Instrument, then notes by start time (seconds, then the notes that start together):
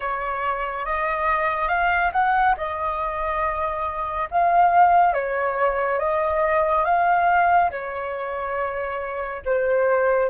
flute
0.00 C#5
0.85 D#5
1.68 F5
2.12 F#5
2.57 D#5
4.31 F5
5.14 C#5
5.99 D#5
6.84 F5
7.70 C#5
9.45 C5